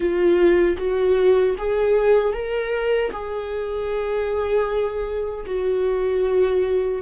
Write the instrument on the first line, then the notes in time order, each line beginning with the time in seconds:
viola
0.00 F4
0.77 F#4
1.58 G#4
2.33 A#4
3.11 G#4
5.45 F#4